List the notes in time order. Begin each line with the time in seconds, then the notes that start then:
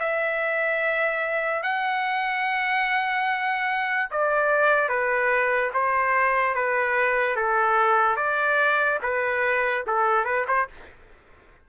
0.00 E5
1.63 F#5
4.11 D5
4.89 B4
5.74 C5
6.55 B4
7.36 A4
8.17 D5
9.03 B4
9.87 A4
10.26 B4
10.48 C5